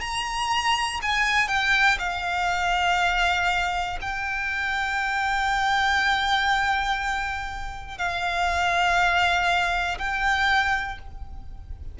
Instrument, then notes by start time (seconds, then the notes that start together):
violin
0.00 A#5
1.01 G#5
1.48 G5
1.98 F5
4.01 G5
7.98 F5
9.98 G5